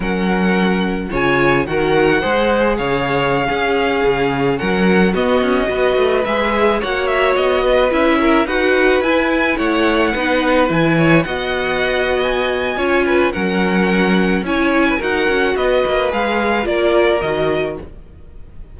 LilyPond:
<<
  \new Staff \with { instrumentName = "violin" } { \time 4/4 \tempo 4 = 108 fis''2 gis''4 fis''4~ | fis''4 f''2.~ | f''16 fis''4 dis''2 e''8.~ | e''16 fis''8 e''8 dis''4 e''4 fis''8.~ |
fis''16 gis''4 fis''2 gis''8.~ | gis''16 fis''4.~ fis''16 gis''2 | fis''2 gis''4 fis''4 | dis''4 f''4 d''4 dis''4 | }
  \new Staff \with { instrumentName = "violin" } { \time 4/4 ais'2 cis''4 ais'4 | c''4 cis''4~ cis''16 gis'4.~ gis'16~ | gis'16 ais'4 fis'4 b'4.~ b'16~ | b'16 cis''4. b'4 ais'8 b'8.~ |
b'4~ b'16 cis''4 b'4. cis''16~ | cis''16 dis''2~ dis''8. cis''8 b'8 | ais'2 cis''8. b'16 ais'4 | b'2 ais'2 | }
  \new Staff \with { instrumentName = "viola" } { \time 4/4 cis'2 f'4 fis'4 | gis'2~ gis'16 cis'4.~ cis'16~ | cis'4~ cis'16 b4 fis'4 gis'8.~ | gis'16 fis'2 e'4 fis'8.~ |
fis'16 e'2 dis'4 e'8.~ | e'16 fis'2~ fis'8. f'4 | cis'2 e'4 fis'4~ | fis'4 gis'4 f'4 fis'4 | }
  \new Staff \with { instrumentName = "cello" } { \time 4/4 fis2 cis4 dis4 | gis4 cis4~ cis16 cis'4 cis8.~ | cis16 fis4 b8 cis'8 b8 a8 gis8.~ | gis16 ais4 b4 cis'4 dis'8.~ |
dis'16 e'4 a4 b4 e8.~ | e16 b2~ b8. cis'4 | fis2 cis'4 dis'8 cis'8 | b8 ais8 gis4 ais4 dis4 | }
>>